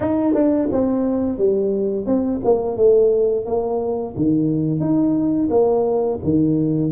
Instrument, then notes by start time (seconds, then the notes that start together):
tuba
0.00 D#4
0.34 D4
0.72 C4
1.38 G3
2.05 C4
2.44 A#3
2.76 A3
3.45 A#3
4.16 D#3
4.79 D#4
5.50 A#3
6.23 D#3